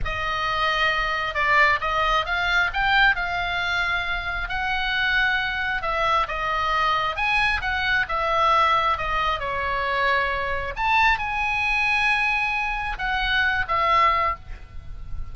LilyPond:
\new Staff \with { instrumentName = "oboe" } { \time 4/4 \tempo 4 = 134 dis''2. d''4 | dis''4 f''4 g''4 f''4~ | f''2 fis''2~ | fis''4 e''4 dis''2 |
gis''4 fis''4 e''2 | dis''4 cis''2. | a''4 gis''2.~ | gis''4 fis''4. e''4. | }